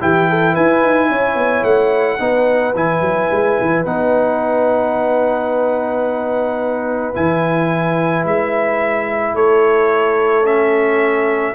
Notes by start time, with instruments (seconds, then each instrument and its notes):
0.00 tuba E3, trombone E4, horn G4, trumpet G5
0.28 horn A4
0.53 tuba E4, horn B4, trumpet G#5
0.82 tuba D#4
1.09 tuba C#4, horn C#5
1.35 tuba B3
1.63 tuba A3, trumpet F#5
2.19 tuba B3, trombone D#4, horn B4
2.74 tuba E3, trombone E4, trumpet G#5
3.00 tuba F#3
3.31 tuba G#3
3.61 tuba E3
3.84 tuba B3, trombone D#4, trumpet F#5
7.14 tuba E3, trombone E4, trumpet G#5
8.24 tuba G#3, trumpet E5
9.34 tuba A3, horn A4, trumpet C#5
10.44 trombone C#4, trumpet E5